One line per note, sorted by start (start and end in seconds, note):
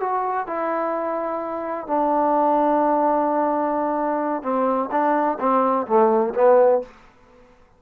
0.00 0.47 F#4
0.47 1.87 E4
1.87 4.43 D4
4.43 4.89 C4
4.91 5.38 D4
5.40 5.87 C4
5.87 6.34 A3
6.35 6.82 B3